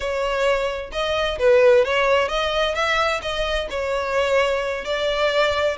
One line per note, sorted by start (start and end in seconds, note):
0.00 0.90 C#5
0.92 1.38 D#5
1.38 1.84 B4
1.84 2.28 C#5
2.28 2.74 D#5
2.74 3.21 E5
3.22 3.68 D#5
3.69 4.84 C#5
4.84 5.77 D5